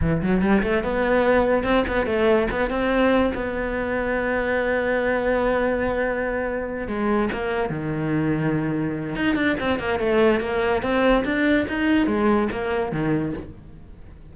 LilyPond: \new Staff \with { instrumentName = "cello" } { \time 4/4 \tempo 4 = 144 e8 fis8 g8 a8 b2 | c'8 b8 a4 b8 c'4. | b1~ | b1~ |
b8 gis4 ais4 dis4.~ | dis2 dis'8 d'8 c'8 ais8 | a4 ais4 c'4 d'4 | dis'4 gis4 ais4 dis4 | }